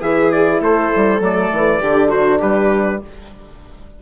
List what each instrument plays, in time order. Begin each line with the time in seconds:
0.00 bassoon E3, horn E4, viola G#4, trumpet E5
0.31 trumpet D5
0.60 bassoon A3, viola A4, trumpet C5
0.96 bassoon G3
1.20 bassoon F#3, horn A3, trumpet D5
1.52 bassoon E3
1.81 bassoon D3, horn D4, viola G4
2.09 viola F#4, trumpet C5
2.39 bassoon G3, viola G4, trumpet B4